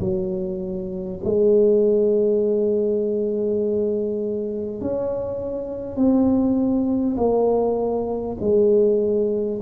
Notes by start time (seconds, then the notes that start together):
0.00 F#3
1.24 G#3
4.81 C#4
5.96 C4
7.17 A#3
8.41 G#3